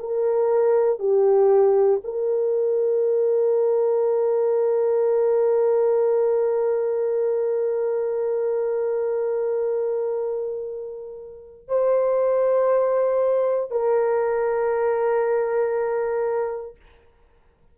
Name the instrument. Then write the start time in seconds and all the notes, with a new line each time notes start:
horn
0.00 A#4
0.99 G4
2.05 A#4
11.69 C5
13.71 A#4